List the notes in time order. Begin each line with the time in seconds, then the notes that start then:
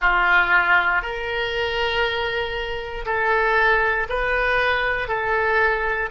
0.01 F4
1.02 A#4
3.05 A4
4.09 B4
5.08 A4